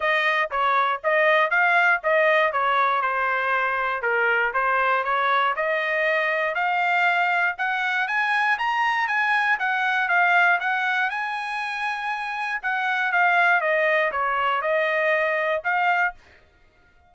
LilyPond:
\new Staff \with { instrumentName = "trumpet" } { \time 4/4 \tempo 4 = 119 dis''4 cis''4 dis''4 f''4 | dis''4 cis''4 c''2 | ais'4 c''4 cis''4 dis''4~ | dis''4 f''2 fis''4 |
gis''4 ais''4 gis''4 fis''4 | f''4 fis''4 gis''2~ | gis''4 fis''4 f''4 dis''4 | cis''4 dis''2 f''4 | }